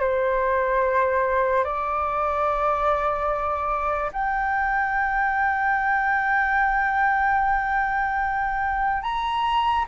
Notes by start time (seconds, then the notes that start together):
0.00 C5
1.64 D5
4.12 G5
9.03 A#5